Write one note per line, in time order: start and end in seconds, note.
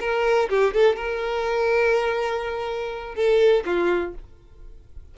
0.00 0.49 A#4
0.49 0.74 G4
0.74 0.96 A4
0.96 3.15 A#4
3.15 3.64 A4
3.65 4.14 F4